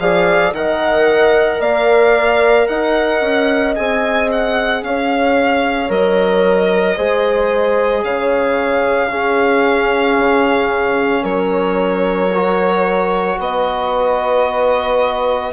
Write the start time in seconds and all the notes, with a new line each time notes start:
0.00 F3 G#4 D5 F5
0.53 D#3 A#4 D#5 F#5
1.60 A#3 D5 F5
2.68 D#4 D#5 F#5
3.22 C#4
3.76 C4 G#4 G#5
4.32 F#5
4.83 C#4 C#5 F5
5.89 F#3 A#4 D#5
6.96 G#3 G#4 C5
8.04 C#3 C#5 F5
9.09 C#4 G#4
10.19 C#3
11.23 F#3 A#4 C#5
12.35 F#4
13.39 B3 B4 D#5